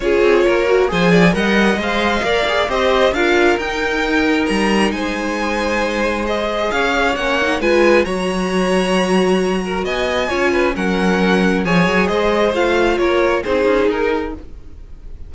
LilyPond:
<<
  \new Staff \with { instrumentName = "violin" } { \time 4/4 \tempo 4 = 134 cis''2 gis''4 fis''4 | f''2 dis''4 f''4 | g''2 ais''4 gis''4~ | gis''2 dis''4 f''4 |
fis''4 gis''4 ais''2~ | ais''2 gis''2 | fis''2 gis''4 dis''4 | f''4 cis''4 c''4 ais'4 | }
  \new Staff \with { instrumentName = "violin" } { \time 4/4 gis'4 ais'4 c''8 d''8 dis''4~ | dis''4 d''4 c''4 ais'4~ | ais'2. c''4~ | c''2. cis''4~ |
cis''4 b'4 cis''2~ | cis''4. ais'8 dis''4 cis''8 b'8 | ais'2 cis''4 c''4~ | c''4 ais'4 gis'2 | }
  \new Staff \with { instrumentName = "viola" } { \time 4/4 f'4. fis'8 gis'4 ais'4 | c''4 ais'8 gis'8 g'4 f'4 | dis'1~ | dis'2 gis'2 |
cis'8 dis'8 f'4 fis'2~ | fis'2. f'4 | cis'2 gis'2 | f'2 dis'2 | }
  \new Staff \with { instrumentName = "cello" } { \time 4/4 cis'8 c'8 ais4 f4 g4 | gis4 ais4 c'4 d'4 | dis'2 g4 gis4~ | gis2. cis'4 |
ais4 gis4 fis2~ | fis2 b4 cis'4 | fis2 f8 fis8 gis4 | a4 ais4 c'8 cis'8 dis'4 | }
>>